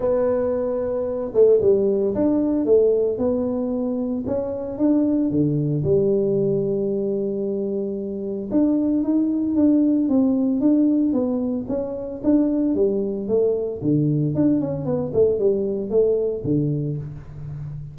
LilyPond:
\new Staff \with { instrumentName = "tuba" } { \time 4/4 \tempo 4 = 113 b2~ b8 a8 g4 | d'4 a4 b2 | cis'4 d'4 d4 g4~ | g1 |
d'4 dis'4 d'4 c'4 | d'4 b4 cis'4 d'4 | g4 a4 d4 d'8 cis'8 | b8 a8 g4 a4 d4 | }